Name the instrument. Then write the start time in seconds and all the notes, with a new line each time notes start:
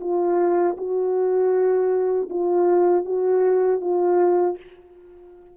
horn
0.00 F4
0.77 F#4
2.29 F4
3.05 F#4
3.80 F4